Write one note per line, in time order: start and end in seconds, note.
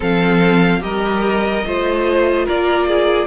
0.00 0.82 F3
0.00 0.80 C4
0.00 0.79 A4
0.00 0.82 F5
0.80 1.65 G3
0.80 1.62 G4
0.80 1.66 A#4
0.80 2.46 D#5
1.65 2.47 A3
1.65 3.27 F4
1.65 2.45 C5
2.45 3.27 A#3
2.45 2.86 A#4
2.45 3.27 D5
2.87 3.27 G#4